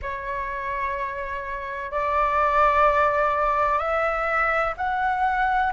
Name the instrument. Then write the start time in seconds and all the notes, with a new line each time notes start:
flute
0.02 C#5
1.90 D5
3.78 E5
4.77 F#5